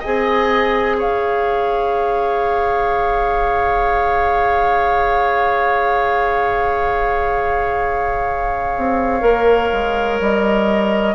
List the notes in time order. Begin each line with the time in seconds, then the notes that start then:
0.00 C4 G#4 D#5 G#5
0.98 C#4 C#5 F5
8.77 C4
9.22 A#3 A#4
9.73 G#3
10.21 G3 D#5